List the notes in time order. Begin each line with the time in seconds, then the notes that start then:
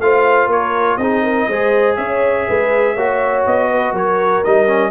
0.00 A3 F4 C5 F5
0.47 A#3 A#4 C#5
0.97 C4 D#4 G#4 D#5
1.23 A#4
1.48 G#3 G#4 C5
1.97 C#4 C#5 E5
2.48 G#3 B4
2.94 A#3 F#4 C#5
3.46 B3 D#5
3.70 B4
3.93 F#3 A#4 C#5
4.44 G3 D#4 D#5
4.67 C#4